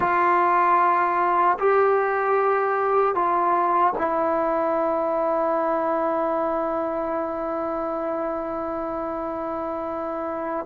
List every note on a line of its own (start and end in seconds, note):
0.00 1.58 F4
1.58 3.14 G4
3.14 3.93 F4
3.97 10.66 E4